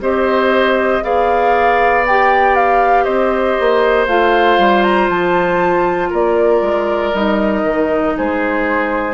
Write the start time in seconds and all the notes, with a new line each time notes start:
0.00 C4 G4 C5 D#5
1.02 B3 G#4 D5 F5
2.06 G4 G5
2.55 F5
3.04 C4 C5 D#5
3.60 A#3
4.07 A3 F4 F5
4.58 G3
4.83 A#5
5.09 F3 A5
6.10 A#3 A#4 D5
6.61 G#3
7.13 G3 D#4 D#5
7.63 D#3
8.17 G#3 G#4 C5